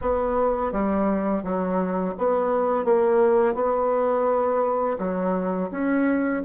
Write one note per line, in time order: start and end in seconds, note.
0.01 0.71 B3
0.71 1.43 G3
1.43 2.14 F#3
2.18 2.84 B3
2.84 3.54 A#3
3.54 4.97 B3
4.98 5.69 F#3
5.71 6.43 C#4